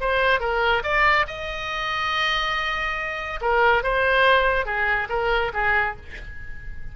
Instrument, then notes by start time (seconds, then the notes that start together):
oboe
0.00 C5
0.40 A#4
0.83 D5
1.27 D#5
3.41 A#4
3.83 C5
4.65 G#4
5.09 A#4
5.53 G#4